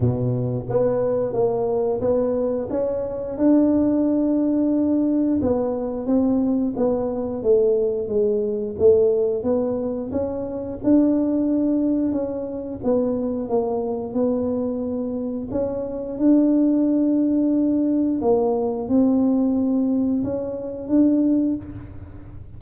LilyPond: \new Staff \with { instrumentName = "tuba" } { \time 4/4 \tempo 4 = 89 b,4 b4 ais4 b4 | cis'4 d'2. | b4 c'4 b4 a4 | gis4 a4 b4 cis'4 |
d'2 cis'4 b4 | ais4 b2 cis'4 | d'2. ais4 | c'2 cis'4 d'4 | }